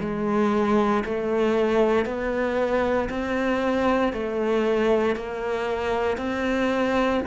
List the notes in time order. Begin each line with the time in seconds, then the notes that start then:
0.00 G#3
1.04 A3
2.05 B3
3.09 C4
4.13 A3
5.15 A#3
6.17 C4